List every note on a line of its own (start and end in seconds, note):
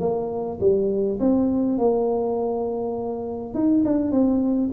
0.00 0.59 A#3
0.60 1.19 G3
1.20 1.78 C4
1.78 3.55 A#3
3.55 3.84 D#4
3.85 4.11 D4
4.11 4.70 C4